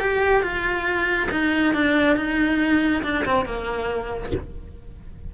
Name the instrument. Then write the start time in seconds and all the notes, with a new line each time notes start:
cello
0.00 G4
0.43 F4
1.31 D#4
1.74 D4
2.16 D#4
3.03 D4
3.25 C4
3.46 A#3